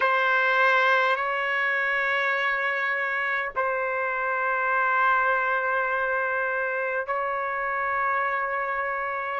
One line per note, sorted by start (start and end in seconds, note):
0.00 1.16 C5
1.16 3.51 C#5
3.56 7.06 C5
7.06 9.40 C#5